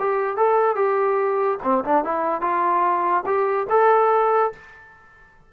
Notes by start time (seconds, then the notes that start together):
0.00 G4
0.37 A4
0.76 G4
1.63 C4
1.85 D4
2.05 E4
2.42 F4
3.26 G4
3.70 A4